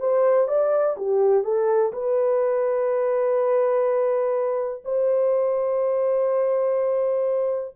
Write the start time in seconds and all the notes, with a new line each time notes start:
0.00 C5
0.48 D5
0.97 G4
1.44 A4
1.93 B4
4.85 C5